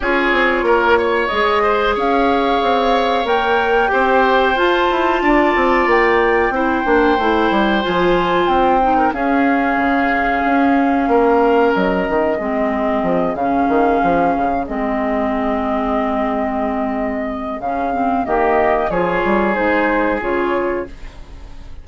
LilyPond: <<
  \new Staff \with { instrumentName = "flute" } { \time 4/4 \tempo 4 = 92 cis''2 dis''4 f''4~ | f''4 g''2 a''4~ | a''4 g''2. | gis''4 g''4 f''2~ |
f''2 dis''2~ | dis''8 f''2 dis''4.~ | dis''2. f''4 | dis''4 cis''4 c''4 cis''4 | }
  \new Staff \with { instrumentName = "oboe" } { \time 4/4 gis'4 ais'8 cis''4 c''8 cis''4~ | cis''2 c''2 | d''2 c''2~ | c''4.~ c''16 ais'16 gis'2~ |
gis'4 ais'2 gis'4~ | gis'1~ | gis'1 | g'4 gis'2. | }
  \new Staff \with { instrumentName = "clarinet" } { \time 4/4 f'2 gis'2~ | gis'4 ais'4 g'4 f'4~ | f'2 e'8 d'8 e'4 | f'4. dis'8 cis'2~ |
cis'2. c'4~ | c'8 cis'2 c'4.~ | c'2. cis'8 c'8 | ais4 f'4 dis'4 f'4 | }
  \new Staff \with { instrumentName = "bassoon" } { \time 4/4 cis'8 c'8 ais4 gis4 cis'4 | c'4 ais4 c'4 f'8 e'8 | d'8 c'8 ais4 c'8 ais8 a8 g8 | f4 c'4 cis'4 cis4 |
cis'4 ais4 fis8 dis8 gis4 | f8 cis8 dis8 f8 cis8 gis4.~ | gis2. cis4 | dis4 f8 g8 gis4 cis4 | }
>>